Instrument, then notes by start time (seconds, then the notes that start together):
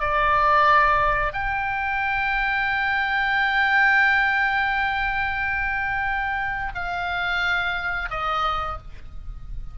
oboe
0.00 D5
1.34 G5
6.75 F5
8.11 D#5